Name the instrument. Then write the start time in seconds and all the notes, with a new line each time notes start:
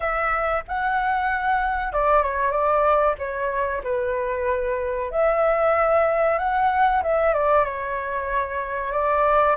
flute
0.00 E5
0.67 F#5
1.93 D5
2.22 C#5
2.51 D5
3.18 C#5
3.83 B4
5.11 E5
6.38 F#5
7.02 E5
7.33 D5
7.65 C#5
8.92 D5